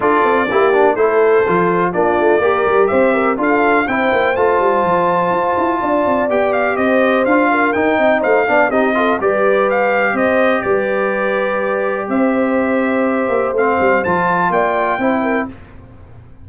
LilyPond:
<<
  \new Staff \with { instrumentName = "trumpet" } { \time 4/4 \tempo 4 = 124 d''2 c''2 | d''2 e''4 f''4 | g''4 a''2.~ | a''4 g''8 f''8 dis''4 f''4 |
g''4 f''4 dis''4 d''4 | f''4 dis''4 d''2~ | d''4 e''2. | f''4 a''4 g''2 | }
  \new Staff \with { instrumentName = "horn" } { \time 4/4 a'4 g'4 a'2 | f'4 ais'4 c''8 ais'8 a'4 | c''1 | d''2 c''4. ais'8~ |
ais'8 dis''8 c''8 d''8 g'8 a'8 b'4~ | b'4 c''4 b'2~ | b'4 c''2.~ | c''2 d''4 c''8 ais'8 | }
  \new Staff \with { instrumentName = "trombone" } { \time 4/4 f'4 e'8 d'8 e'4 f'4 | d'4 g'2 f'4 | e'4 f'2.~ | f'4 g'2 f'4 |
dis'4. d'8 dis'8 f'8 g'4~ | g'1~ | g'1 | c'4 f'2 e'4 | }
  \new Staff \with { instrumentName = "tuba" } { \time 4/4 d'8 c'8 ais4 a4 f4 | ais8 a8 ais8 g8 c'4 d'4 | c'8 ais8 a8 g8 f4 f'8 e'8 | d'8 c'8 b4 c'4 d'4 |
dis'8 c'8 a8 b8 c'4 g4~ | g4 c'4 g2~ | g4 c'2~ c'8 ais8 | a8 g8 f4 ais4 c'4 | }
>>